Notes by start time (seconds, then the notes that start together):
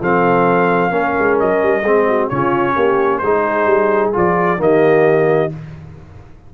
0.00 F3 C4 A4 F5
0.90 A#3 C#4 A#4
1.18 G#3
1.39 F#3 D#5
1.62 G3
1.82 G#3 C4 G#4
2.07 F#4
2.28 C#3 C#4 F4 C#5
2.74 A#3 G4
3.18 G#3 D#4 G#4 C5
3.65 G3
4.13 F3 F4 D5
4.57 D#3 A#3 G4 D#5